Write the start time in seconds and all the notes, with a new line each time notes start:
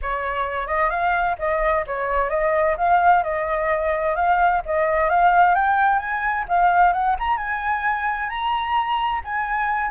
0.01 C#5
0.67 D#5
0.90 F5
1.38 D#5
1.86 C#5
2.29 D#5
2.77 F5
3.23 D#5
4.15 F5
4.65 D#5
5.09 F5
5.54 G5
5.98 G#5
6.48 F5
6.93 F#5
7.19 A#5
7.37 G#5
8.29 A#5
9.24 G#5